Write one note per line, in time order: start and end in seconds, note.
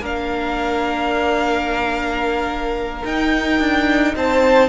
0.00 3.03 A#3
0.00 3.05 D4
0.00 4.14 A#4
0.00 3.04 F5
3.04 3.59 D#4
3.04 4.69 D#4
3.04 4.15 G5
3.59 4.14 D4
4.16 4.69 C4
4.16 4.69 C5
4.16 4.69 A5